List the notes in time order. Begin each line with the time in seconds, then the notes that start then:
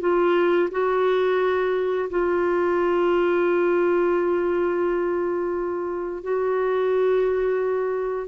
0.00 F4
0.71 F#4
2.10 F4
6.23 F#4